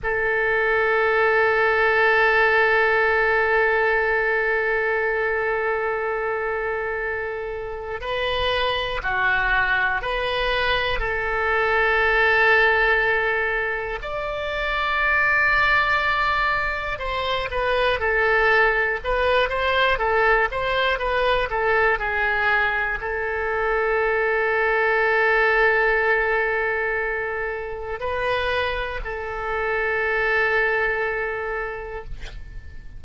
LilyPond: \new Staff \with { instrumentName = "oboe" } { \time 4/4 \tempo 4 = 60 a'1~ | a'1 | b'4 fis'4 b'4 a'4~ | a'2 d''2~ |
d''4 c''8 b'8 a'4 b'8 c''8 | a'8 c''8 b'8 a'8 gis'4 a'4~ | a'1 | b'4 a'2. | }